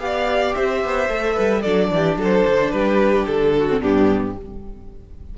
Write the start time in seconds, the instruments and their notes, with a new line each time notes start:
0.00 cello B3, viola G4, violin D5 F5
0.55 cello C4, violin C5 E5
0.85 cello B3
1.09 cello A3, viola A4
1.34 cello G3, violin B4
1.62 cello F#3, viola D4, violin A4 D5
1.91 cello E3, violin G4
2.17 cello F#3, violin A4
2.24 violin C5
2.47 cello D3
2.71 cello G3, violin G4 B4
3.27 cello D3, violin A4
3.59 violin F#4
3.70 viola C4
3.80 cello G2, viola B3, violin D4 G4